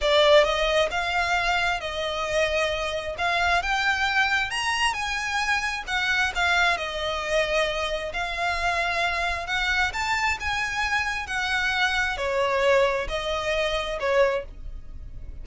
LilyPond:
\new Staff \with { instrumentName = "violin" } { \time 4/4 \tempo 4 = 133 d''4 dis''4 f''2 | dis''2. f''4 | g''2 ais''4 gis''4~ | gis''4 fis''4 f''4 dis''4~ |
dis''2 f''2~ | f''4 fis''4 a''4 gis''4~ | gis''4 fis''2 cis''4~ | cis''4 dis''2 cis''4 | }